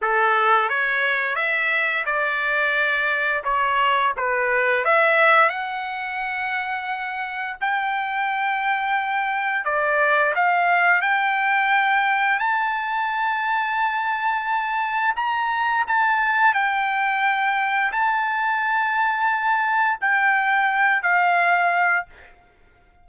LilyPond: \new Staff \with { instrumentName = "trumpet" } { \time 4/4 \tempo 4 = 87 a'4 cis''4 e''4 d''4~ | d''4 cis''4 b'4 e''4 | fis''2. g''4~ | g''2 d''4 f''4 |
g''2 a''2~ | a''2 ais''4 a''4 | g''2 a''2~ | a''4 g''4. f''4. | }